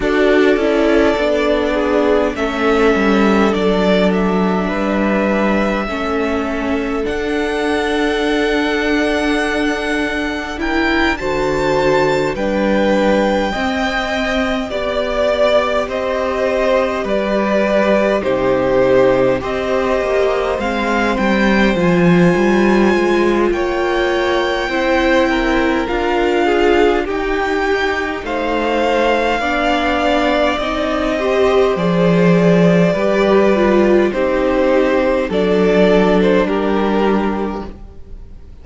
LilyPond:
<<
  \new Staff \with { instrumentName = "violin" } { \time 4/4 \tempo 4 = 51 d''2 e''4 d''8 e''8~ | e''2 fis''2~ | fis''4 g''8 a''4 g''4.~ | g''8 d''4 dis''4 d''4 c''8~ |
c''8 dis''4 f''8 g''8 gis''4. | g''2 f''4 g''4 | f''2 dis''4 d''4~ | d''4 c''4 d''8. c''16 ais'4 | }
  \new Staff \with { instrumentName = "violin" } { \time 4/4 a'4. gis'8 a'2 | b'4 a'2.~ | a'4 ais'8 c''4 b'4 dis''8~ | dis''8 d''4 c''4 b'4 g'8~ |
g'8 c''2.~ c''8 | cis''4 c''8 ais'4 gis'8 g'4 | c''4 d''4. c''4. | b'4 g'4 a'4 g'4 | }
  \new Staff \with { instrumentName = "viola" } { \time 4/4 fis'8 e'8 d'4 cis'4 d'4~ | d'4 cis'4 d'2~ | d'4 e'8 fis'4 d'4 c'8~ | c'8 g'2. dis'8~ |
dis'8 g'4 c'4 f'4.~ | f'4 e'4 f'4 dis'4~ | dis'4 d'4 dis'8 g'8 gis'4 | g'8 f'8 dis'4 d'2 | }
  \new Staff \with { instrumentName = "cello" } { \time 4/4 d'8 cis'8 b4 a8 g8 fis4 | g4 a4 d'2~ | d'4. d4 g4 c'8~ | c'8 b4 c'4 g4 c8~ |
c8 c'8 ais8 gis8 g8 f8 g8 gis8 | ais4 c'4 d'4 dis'4 | a4 b4 c'4 f4 | g4 c'4 fis4 g4 | }
>>